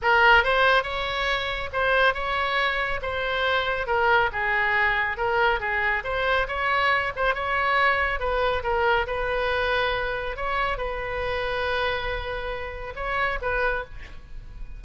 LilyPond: \new Staff \with { instrumentName = "oboe" } { \time 4/4 \tempo 4 = 139 ais'4 c''4 cis''2 | c''4 cis''2 c''4~ | c''4 ais'4 gis'2 | ais'4 gis'4 c''4 cis''4~ |
cis''8 c''8 cis''2 b'4 | ais'4 b'2. | cis''4 b'2.~ | b'2 cis''4 b'4 | }